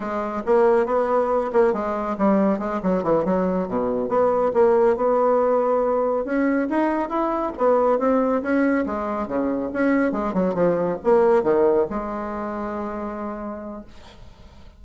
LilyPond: \new Staff \with { instrumentName = "bassoon" } { \time 4/4 \tempo 4 = 139 gis4 ais4 b4. ais8 | gis4 g4 gis8 fis8 e8 fis8~ | fis8 b,4 b4 ais4 b8~ | b2~ b8 cis'4 dis'8~ |
dis'8 e'4 b4 c'4 cis'8~ | cis'8 gis4 cis4 cis'4 gis8 | fis8 f4 ais4 dis4 gis8~ | gis1 | }